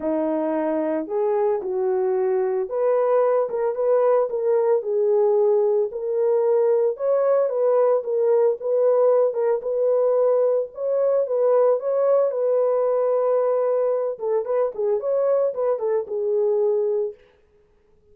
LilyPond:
\new Staff \with { instrumentName = "horn" } { \time 4/4 \tempo 4 = 112 dis'2 gis'4 fis'4~ | fis'4 b'4. ais'8 b'4 | ais'4 gis'2 ais'4~ | ais'4 cis''4 b'4 ais'4 |
b'4. ais'8 b'2 | cis''4 b'4 cis''4 b'4~ | b'2~ b'8 a'8 b'8 gis'8 | cis''4 b'8 a'8 gis'2 | }